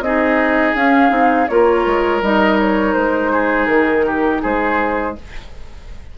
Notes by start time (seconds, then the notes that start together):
0.00 C4 D#4 G#4 D#5
0.74 C#4 F5
1.09 C4 D#4
1.48 A#3 F4 A#4 C#5
1.85 G#3
2.21 G3 D#4 D#5
2.59 C#5
2.93 G#3 C5
3.32 G#4
3.65 D#3 A#4
4.06 G4
4.42 G#3 G#4 C5